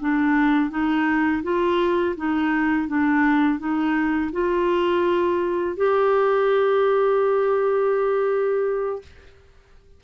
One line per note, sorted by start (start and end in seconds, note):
0.00 0.70 D4
0.70 1.42 D#4
1.43 2.15 F4
2.17 2.88 D#4
2.88 3.59 D4
3.59 4.31 D#4
4.32 5.77 F4
5.77 9.02 G4